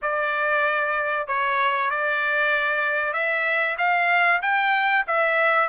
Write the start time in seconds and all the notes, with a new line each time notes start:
0.01 D5
1.27 C#5
1.90 D5
3.13 E5
3.78 F5
4.42 G5
5.07 E5